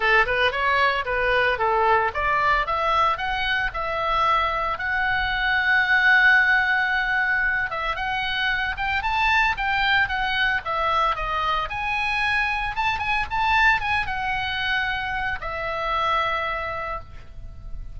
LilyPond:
\new Staff \with { instrumentName = "oboe" } { \time 4/4 \tempo 4 = 113 a'8 b'8 cis''4 b'4 a'4 | d''4 e''4 fis''4 e''4~ | e''4 fis''2.~ | fis''2~ fis''8 e''8 fis''4~ |
fis''8 g''8 a''4 g''4 fis''4 | e''4 dis''4 gis''2 | a''8 gis''8 a''4 gis''8 fis''4.~ | fis''4 e''2. | }